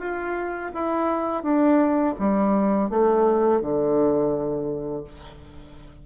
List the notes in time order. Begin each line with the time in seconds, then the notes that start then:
0.00 F4
0.74 E4
1.43 D4
2.19 G3
2.90 A3
3.61 D3